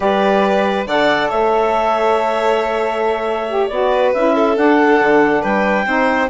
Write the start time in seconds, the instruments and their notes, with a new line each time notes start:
0.00 bassoon G3, saxophone G4, violin B4, clarinet D5
0.86 bassoon D3, saxophone A4, violin D5, clarinet F#5
1.29 bassoon A3, violin C#5, clarinet E5
3.48 saxophone G4
3.67 bassoon B3, saxophone F#4, clarinet D5
3.91 violin B4
4.13 bassoon C#4, saxophone E4, clarinet E5
4.35 violin A4
4.54 saxophone D4, bassoon D4, clarinet F#5
5.00 bassoon D3
5.41 bassoon G3, violin B4, clarinet G5
5.86 bassoon C4, saxophone D#4, violin C5